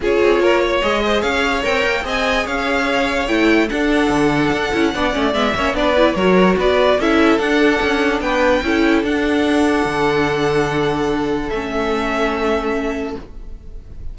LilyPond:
<<
  \new Staff \with { instrumentName = "violin" } { \time 4/4 \tempo 4 = 146 cis''2 dis''4 f''4 | g''4 gis''4 f''2 | g''4 fis''2.~ | fis''4 e''4 d''4 cis''4 |
d''4 e''4 fis''2 | g''2 fis''2~ | fis''1 | e''1 | }
  \new Staff \with { instrumentName = "violin" } { \time 4/4 gis'4 ais'8 cis''4 c''8 cis''4~ | cis''4 dis''4 cis''2~ | cis''4 a'2. | d''4. cis''8 b'4 ais'4 |
b'4 a'2. | b'4 a'2.~ | a'1~ | a'1 | }
  \new Staff \with { instrumentName = "viola" } { \time 4/4 f'2 gis'2 | ais'4 gis'2. | e'4 d'2~ d'8 e'8 | d'8 cis'8 b8 cis'8 d'8 e'8 fis'4~ |
fis'4 e'4 d'2~ | d'4 e'4 d'2~ | d'1 | cis'1 | }
  \new Staff \with { instrumentName = "cello" } { \time 4/4 cis'8 c'8 ais4 gis4 cis'4 | c'8 ais8 c'4 cis'2 | a4 d'4 d4 d'8 cis'8 | b8 a8 gis8 ais8 b4 fis4 |
b4 cis'4 d'4 cis'4 | b4 cis'4 d'2 | d1 | a1 | }
>>